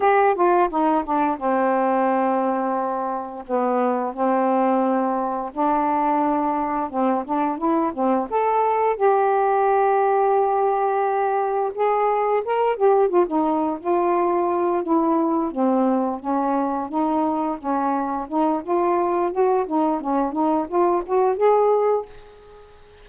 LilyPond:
\new Staff \with { instrumentName = "saxophone" } { \time 4/4 \tempo 4 = 87 g'8 f'8 dis'8 d'8 c'2~ | c'4 b4 c'2 | d'2 c'8 d'8 e'8 c'8 | a'4 g'2.~ |
g'4 gis'4 ais'8 g'8 f'16 dis'8. | f'4. e'4 c'4 cis'8~ | cis'8 dis'4 cis'4 dis'8 f'4 | fis'8 dis'8 cis'8 dis'8 f'8 fis'8 gis'4 | }